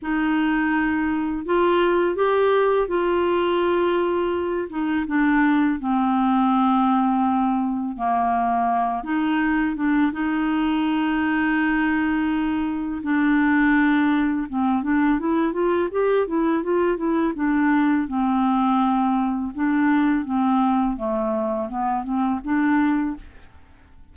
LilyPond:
\new Staff \with { instrumentName = "clarinet" } { \time 4/4 \tempo 4 = 83 dis'2 f'4 g'4 | f'2~ f'8 dis'8 d'4 | c'2. ais4~ | ais8 dis'4 d'8 dis'2~ |
dis'2 d'2 | c'8 d'8 e'8 f'8 g'8 e'8 f'8 e'8 | d'4 c'2 d'4 | c'4 a4 b8 c'8 d'4 | }